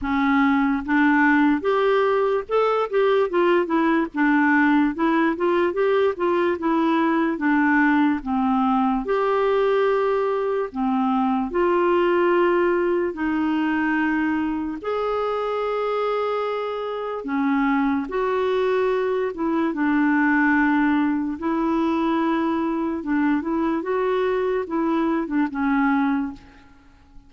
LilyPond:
\new Staff \with { instrumentName = "clarinet" } { \time 4/4 \tempo 4 = 73 cis'4 d'4 g'4 a'8 g'8 | f'8 e'8 d'4 e'8 f'8 g'8 f'8 | e'4 d'4 c'4 g'4~ | g'4 c'4 f'2 |
dis'2 gis'2~ | gis'4 cis'4 fis'4. e'8 | d'2 e'2 | d'8 e'8 fis'4 e'8. d'16 cis'4 | }